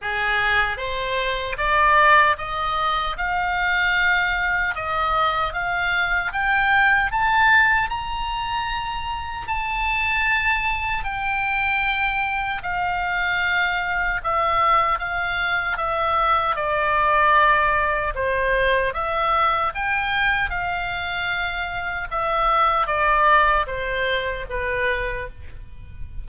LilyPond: \new Staff \with { instrumentName = "oboe" } { \time 4/4 \tempo 4 = 76 gis'4 c''4 d''4 dis''4 | f''2 dis''4 f''4 | g''4 a''4 ais''2 | a''2 g''2 |
f''2 e''4 f''4 | e''4 d''2 c''4 | e''4 g''4 f''2 | e''4 d''4 c''4 b'4 | }